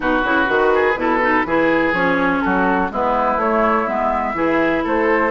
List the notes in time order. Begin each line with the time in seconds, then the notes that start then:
0.00 B2 D#4 F#4 B4
0.24 C#3 E4
0.45 D#3 F#4
0.74 G#4
0.95 B2 E4 A4
1.21 D#4
1.45 E3 E4 G#4
1.92 F3 C#4 C#5
2.41 F#3 F#4 A4
2.90 G#3 B3 E4 B4
3.36 A3 C#5
3.86 G#3 B3 E5
4.34 E3 E4 G#4
4.83 A3 A4 C5